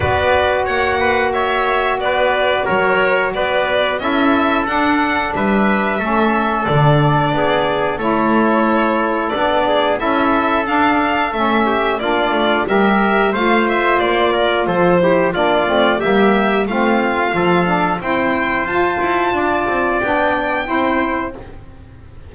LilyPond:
<<
  \new Staff \with { instrumentName = "violin" } { \time 4/4 \tempo 4 = 90 d''4 fis''4 e''4 d''4 | cis''4 d''4 e''4 fis''4 | e''2 d''2 | cis''2 d''4 e''4 |
f''4 e''4 d''4 e''4 | f''8 e''8 d''4 c''4 d''4 | e''4 f''2 g''4 | a''2 g''2 | }
  \new Staff \with { instrumentName = "trumpet" } { \time 4/4 b'4 cis''8 b'8 cis''4 b'4 | ais'4 b'4 a'2 | b'4 a'2 gis'4 | a'2~ a'8 gis'8 a'4~ |
a'4. g'8 f'4 ais'4 | c''4. ais'8 a'8 g'8 f'4 | g'4 f'4 a'4 c''4~ | c''4 d''2 c''4 | }
  \new Staff \with { instrumentName = "saxophone" } { \time 4/4 fis'1~ | fis'2 e'4 d'4~ | d'4 cis'4 d'2 | e'2 d'4 e'4 |
d'4 cis'4 d'4 g'4 | f'2~ f'8 e'8 d'8 c'8 | ais4 c'4 f'8 d'8 e'4 | f'2 d'4 e'4 | }
  \new Staff \with { instrumentName = "double bass" } { \time 4/4 b4 ais2 b4 | fis4 b4 cis'4 d'4 | g4 a4 d4 b4 | a2 b4 cis'4 |
d'4 a4 ais8 a8 g4 | a4 ais4 f4 ais8 a8 | g4 a4 f4 c'4 | f'8 e'8 d'8 c'8 b4 c'4 | }
>>